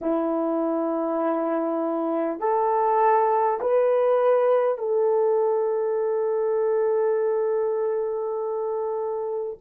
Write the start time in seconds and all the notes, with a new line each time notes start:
0.01 E4
2.39 A4
3.60 B4
4.78 A4